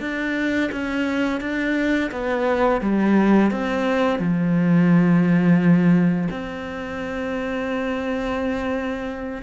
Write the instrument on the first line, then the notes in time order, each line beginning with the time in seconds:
cello
0.00 D4
0.72 C#4
1.40 D4
2.11 B3
2.81 G3
3.51 C4
4.19 F3
6.30 C4